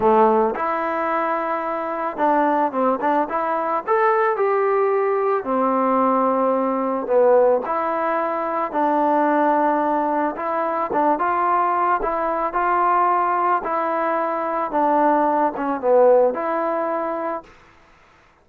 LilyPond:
\new Staff \with { instrumentName = "trombone" } { \time 4/4 \tempo 4 = 110 a4 e'2. | d'4 c'8 d'8 e'4 a'4 | g'2 c'2~ | c'4 b4 e'2 |
d'2. e'4 | d'8 f'4. e'4 f'4~ | f'4 e'2 d'4~ | d'8 cis'8 b4 e'2 | }